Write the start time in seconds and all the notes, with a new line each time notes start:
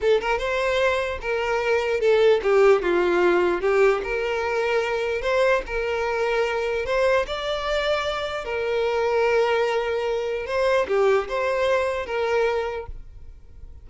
0.01 A4
0.21 A#4
0.38 C5
1.21 A#4
2.00 A4
2.43 G4
2.82 F4
3.61 G4
4.03 A#4
5.21 C5
5.66 A#4
6.85 C5
7.26 D5
8.45 A#4
10.46 C5
10.87 G4
11.28 C5
12.05 A#4